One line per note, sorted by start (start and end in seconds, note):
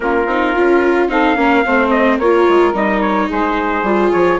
0.00 0.25 A#3
0.00 0.25 C#4
0.00 1.11 F4
0.00 1.09 A#4
0.25 0.53 C4
0.25 0.55 D#4
0.55 1.08 C#4
0.55 1.08 F4
1.08 1.36 C4
1.08 1.35 D#4
1.08 1.37 A4
1.08 1.90 F5
1.35 1.63 A#3
1.35 1.63 C#4
1.35 1.64 A#4
1.64 2.18 A3
1.64 2.21 C4
1.64 2.19 C5
1.90 2.17 D#5
2.18 2.45 A#3
2.18 2.73 F4
2.18 3.27 A#4
2.18 2.74 C#5
2.48 2.73 G#3
2.73 3.28 G3
2.73 3.83 D#4
2.73 3.01 D#5
3.01 3.28 C#5
3.27 3.82 G#3
3.27 4.37 G#4
3.27 4.11 C5
3.82 4.10 G3
3.82 4.40 F4
4.11 4.40 F3
4.11 4.39 C#5